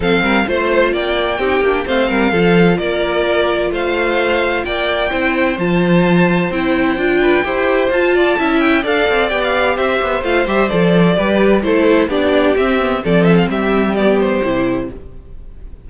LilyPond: <<
  \new Staff \with { instrumentName = "violin" } { \time 4/4 \tempo 4 = 129 f''4 c''4 g''2 | f''2 d''2 | f''2 g''2 | a''2 g''2~ |
g''4 a''4. g''8 f''4 | g''16 f''8. e''4 f''8 e''8 d''4~ | d''4 c''4 d''4 e''4 | d''8 e''16 f''16 e''4 d''8 c''4. | }
  \new Staff \with { instrumentName = "violin" } { \time 4/4 a'8 ais'8 c''4 d''4 g'4 | c''8 ais'8 a'4 ais'2 | c''2 d''4 c''4~ | c''2.~ c''8 b'8 |
c''4. d''8 e''4 d''4~ | d''4 c''2. | b'4 a'4 g'2 | a'4 g'2. | }
  \new Staff \with { instrumentName = "viola" } { \time 4/4 c'4 f'2 dis'8 d'8 | c'4 f'2.~ | f'2. e'4 | f'2 e'4 f'4 |
g'4 f'4 e'4 a'4 | g'2 f'8 g'8 a'4 | g'4 e'4 d'4 c'8 b8 | c'2 b4 e'4 | }
  \new Staff \with { instrumentName = "cello" } { \time 4/4 f8 g8 a4 ais4 c'8 ais8 | a8 g8 f4 ais2 | a2 ais4 c'4 | f2 c'4 d'4 |
e'4 f'4 cis'4 d'8 c'8 | b4 c'8 b8 a8 g8 f4 | g4 a4 b4 c'4 | f4 g2 c4 | }
>>